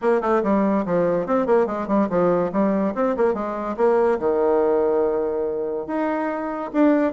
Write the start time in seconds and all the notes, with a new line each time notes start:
0.01 A#3
0.21 A3
0.43 G3
0.85 F3
1.26 C4
1.46 A#3
1.66 G#3
1.87 G3
2.09 F3
2.52 G3
2.95 C4
3.16 A#3
3.34 G#3
3.76 A#3
4.19 D#3
5.86 D#4
6.73 D4